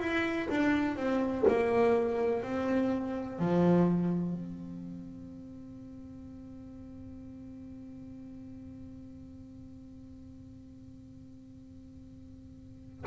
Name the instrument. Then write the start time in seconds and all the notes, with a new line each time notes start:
double bass
0.00 E4
0.49 D4
0.96 C4
1.48 A#3
2.42 C4
3.39 F3
4.33 C4